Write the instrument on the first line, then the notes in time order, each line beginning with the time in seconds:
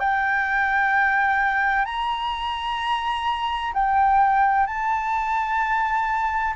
flute
0.00 G5
1.85 A#5
3.74 G5
4.67 A5